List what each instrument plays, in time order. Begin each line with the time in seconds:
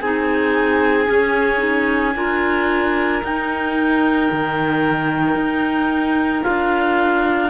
0.00 cello C4, clarinet D#4 G#5, violin G#4
1.06 clarinet C#4, cello C#4
1.58 clarinet D#4
2.15 cello D4, clarinet F4, violin A#4
3.22 clarinet D#4 G5, cello D#4
4.31 cello D#3
5.35 cello D#4
6.42 cello D4, clarinet F4 F5